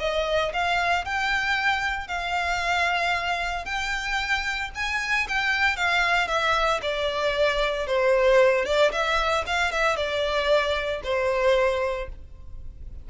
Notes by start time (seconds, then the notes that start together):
0.00 D#5
0.54 F5
1.05 G5
2.08 F5
3.66 G5
4.75 G#5
5.29 G5
5.77 F5
6.28 E5
6.82 D5
7.87 C5
8.66 D5
8.92 E5
9.47 F5
9.72 E5
9.97 D5
11.04 C5